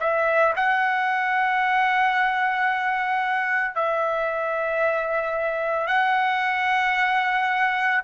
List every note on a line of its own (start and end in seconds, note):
0.00 0.54 E5
0.56 3.75 F#5
3.75 5.87 E5
5.87 8.02 F#5